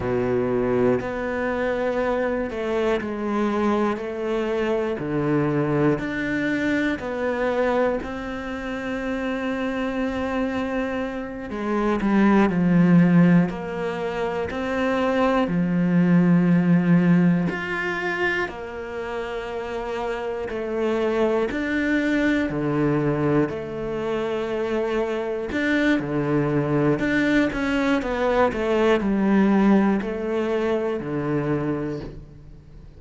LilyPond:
\new Staff \with { instrumentName = "cello" } { \time 4/4 \tempo 4 = 60 b,4 b4. a8 gis4 | a4 d4 d'4 b4 | c'2.~ c'8 gis8 | g8 f4 ais4 c'4 f8~ |
f4. f'4 ais4.~ | ais8 a4 d'4 d4 a8~ | a4. d'8 d4 d'8 cis'8 | b8 a8 g4 a4 d4 | }